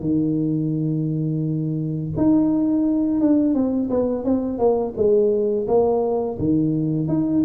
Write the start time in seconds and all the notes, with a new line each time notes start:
0.00 D#3
2.17 D#4
3.21 D4
3.54 C4
3.90 B3
4.24 C4
4.58 A#3
4.96 G#3
5.67 A#3
6.39 D#3
7.08 D#4